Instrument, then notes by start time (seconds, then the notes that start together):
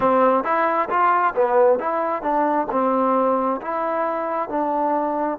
trombone
0.00 C4
0.44 E4
0.89 F4
1.35 B3
1.79 E4
2.22 D4
2.71 C4
3.61 E4
4.49 D4